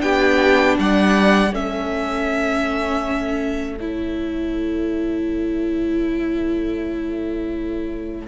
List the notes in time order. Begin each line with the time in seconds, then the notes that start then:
0.00 B3 D4 G4 G5
0.79 G3 D5 F#5
1.52 A3 C#4 A4 E5
3.78 E4 C#5